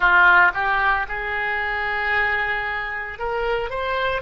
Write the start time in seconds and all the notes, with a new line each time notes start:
0.00 F4
0.54 G4
1.08 G#4
3.18 A#4
3.69 C5